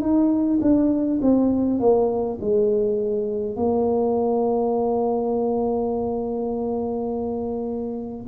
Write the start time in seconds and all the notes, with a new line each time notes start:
0.00 D#4
0.61 D4
1.21 C4
1.79 A#3
2.41 G#3
3.56 A#3